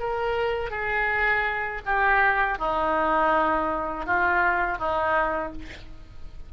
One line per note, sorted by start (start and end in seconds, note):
0.00 0.71 A#4
0.71 1.82 G#4
1.86 2.59 G4
2.59 4.07 D#4
4.07 4.79 F4
4.79 5.53 D#4